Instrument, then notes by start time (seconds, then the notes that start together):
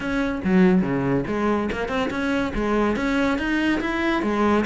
cello
0.00 C#4
0.44 F#3
0.82 C#3
1.27 G#3
1.72 A#3
1.88 C4
2.10 C#4
2.54 G#3
2.96 C#4
3.38 D#4
3.80 E4
4.22 G#3